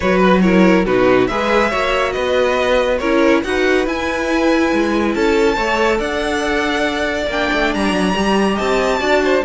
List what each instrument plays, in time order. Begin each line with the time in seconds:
0.00 cello F#3, viola F#4, violin B4 C#5
0.18 violin B4
0.41 viola E4, violin A#4 C#5
0.85 cello B2, viola D#4, violin F#4 B4
1.27 cello G#3, viola G#4, violin B4 E5
1.69 cello A#3, viola F#4, violin C#5
2.12 cello B3, violin B4 D#5
2.98 cello C#4, viola E4, violin A#4 C#5
3.43 cello D#4, viola F#4, violin B4 F#5
3.86 cello E4, viola E4, violin G#5
4.72 cello G#3
5.14 cello C#4, violin A4 A5
5.55 cello A3, viola A4, violin C#5
5.98 cello D4, violin D5 F#5
7.27 cello A#3, viola D4, violin G5
7.53 cello A3
7.73 cello G3, violin A#5
7.92 cello F#3
8.14 cello G3, viola G4
8.55 cello C4, violin D#5 A5
8.99 cello D4, viola F#4, violin D5
9.24 violin C5